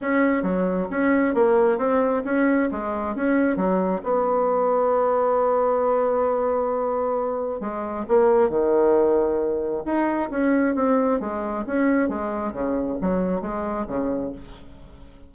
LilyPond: \new Staff \with { instrumentName = "bassoon" } { \time 4/4 \tempo 4 = 134 cis'4 fis4 cis'4 ais4 | c'4 cis'4 gis4 cis'4 | fis4 b2.~ | b1~ |
b4 gis4 ais4 dis4~ | dis2 dis'4 cis'4 | c'4 gis4 cis'4 gis4 | cis4 fis4 gis4 cis4 | }